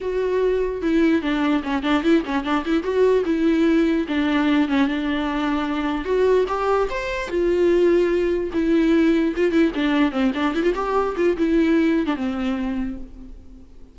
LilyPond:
\new Staff \with { instrumentName = "viola" } { \time 4/4 \tempo 4 = 148 fis'2 e'4 d'4 | cis'8 d'8 e'8 cis'8 d'8 e'8 fis'4 | e'2 d'4. cis'8 | d'2. fis'4 |
g'4 c''4 f'2~ | f'4 e'2 f'8 e'8 | d'4 c'8 d'8 e'16 f'16 g'4 f'8 | e'4.~ e'16 d'16 c'2 | }